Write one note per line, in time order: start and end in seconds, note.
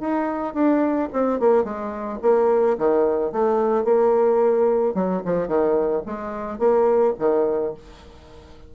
0.00 0.54 D#4
0.54 1.09 D4
1.13 1.39 C4
1.39 1.64 A#3
1.64 2.19 G#3
2.22 2.77 A#3
2.78 3.32 D#3
3.32 3.84 A3
3.84 4.94 A#3
4.94 5.22 F#3
5.25 5.47 F3
5.47 6.03 D#3
6.06 6.59 G#3
6.59 7.14 A#3
7.19 7.74 D#3